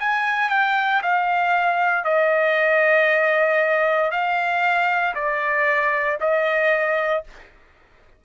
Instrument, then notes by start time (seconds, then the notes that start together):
trumpet
0.00 G#5
0.50 G5
1.03 F5
2.05 D#5
4.11 F5
5.15 D5
6.21 D#5